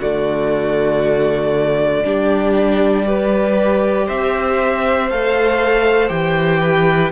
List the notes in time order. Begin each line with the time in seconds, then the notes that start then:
0.00 D3 A3 F#4 D5
2.05 G3 D4 G4
3.06 G4 B4
4.07 C4 C5 E5
5.11 A3 A4 F5
6.09 E3 G4 G5
6.61 B4